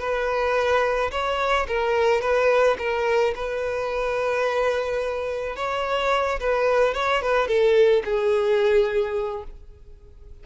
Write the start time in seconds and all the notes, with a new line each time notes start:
0.00 B4
1.11 C#5
1.68 A#4
2.21 B4
2.79 A#4
3.35 B4
5.56 C#5
6.40 B4
6.94 C#5
7.22 B4
7.48 A4
8.05 G#4